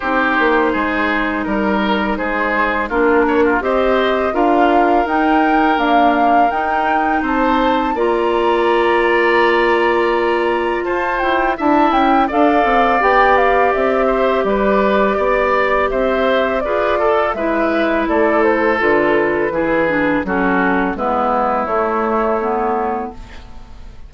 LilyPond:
<<
  \new Staff \with { instrumentName = "flute" } { \time 4/4 \tempo 4 = 83 c''2 ais'4 c''4 | ais'4 dis''4 f''4 g''4 | f''4 g''4 a''4 ais''4~ | ais''2. a''8 g''8 |
a''8 g''8 f''4 g''8 f''8 e''4 | d''2 e''4 d''4 | e''4 d''8 c''8 b'2 | a'4 b'4 cis''2 | }
  \new Staff \with { instrumentName = "oboe" } { \time 4/4 g'4 gis'4 ais'4 gis'4 | f'8 cis''16 f'16 c''4 ais'2~ | ais'2 c''4 d''4~ | d''2. c''4 |
e''4 d''2~ d''8 c''8 | b'4 d''4 c''4 b'8 a'8 | b'4 a'2 gis'4 | fis'4 e'2. | }
  \new Staff \with { instrumentName = "clarinet" } { \time 4/4 dis'1 | d'4 g'4 f'4 dis'4 | ais4 dis'2 f'4~ | f'1 |
e'4 a'4 g'2~ | g'2. gis'8 a'8 | e'2 f'4 e'8 d'8 | cis'4 b4 a4 b4 | }
  \new Staff \with { instrumentName = "bassoon" } { \time 4/4 c'8 ais8 gis4 g4 gis4 | ais4 c'4 d'4 dis'4 | d'4 dis'4 c'4 ais4~ | ais2. f'8 e'8 |
d'8 cis'8 d'8 c'8 b4 c'4 | g4 b4 c'4 f'4 | gis4 a4 d4 e4 | fis4 gis4 a2 | }
>>